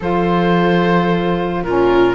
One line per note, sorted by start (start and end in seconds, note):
0.00 1.62 F3
0.00 1.65 F4
0.00 1.64 A4
0.00 1.64 C5
1.62 2.14 A#2
1.62 2.14 C#4
1.62 2.14 F4
1.62 2.14 A#4